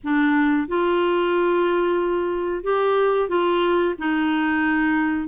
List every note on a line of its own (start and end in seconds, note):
0.03 0.67 D4
0.67 2.63 F4
2.63 3.28 G4
3.28 3.94 F4
3.98 5.28 D#4